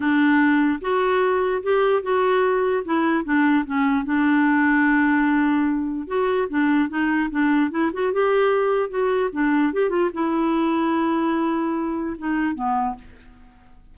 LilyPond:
\new Staff \with { instrumentName = "clarinet" } { \time 4/4 \tempo 4 = 148 d'2 fis'2 | g'4 fis'2 e'4 | d'4 cis'4 d'2~ | d'2. fis'4 |
d'4 dis'4 d'4 e'8 fis'8 | g'2 fis'4 d'4 | g'8 f'8 e'2.~ | e'2 dis'4 b4 | }